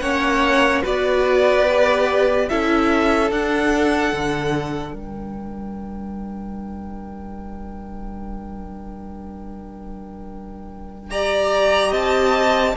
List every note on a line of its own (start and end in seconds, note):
0.00 0.83 A#3
0.00 0.83 C#4
0.00 0.82 C#5
0.00 0.82 F#5
0.82 2.50 B3
0.82 1.66 F#4
0.82 2.46 B4
0.82 2.49 D5
1.68 2.50 G4
2.49 3.31 C#4
2.49 3.30 E4
2.49 4.93 A4
2.49 3.31 E5
3.30 11.11 D4
3.30 4.13 D4
3.30 4.95 F#5
4.13 4.94 D3
4.93 11.92 G3
4.93 11.09 A#4
4.93 11.11 G5
11.11 12.75 G4
11.11 11.90 D5
11.11 11.93 A#5
11.90 12.75 C4
11.90 12.73 D#5
11.90 12.76 A5